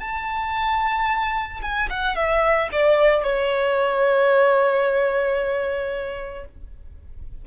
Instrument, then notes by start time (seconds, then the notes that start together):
violin
0.00 A5
1.62 G#5
1.89 F#5
2.15 E5
2.72 D5
3.23 C#5